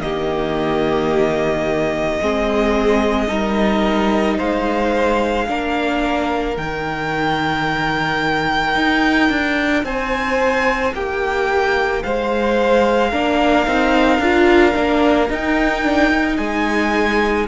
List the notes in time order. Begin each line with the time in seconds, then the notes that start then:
0.00 D#3 A#3 G4 D#5
2.21 G#3 C4 G#4
3.27 G3 D#4 A#4
4.38 G#3 C5 F5
5.48 A#3 D4 A#4
6.55 D#3 D#4 G5
8.75 D#4
9.30 D4
9.83 C4 C5 G#5
10.94 A#3 G4 G5
12.03 G#3 C5 F5
13.10 A#3 D4 A#4
13.67 C4 D#4
14.19 D4 F4
14.73 A#3 D4
15.30 D#4 G5
15.84 D4
16.10 D#4
16.37 G#3 G#4 G#5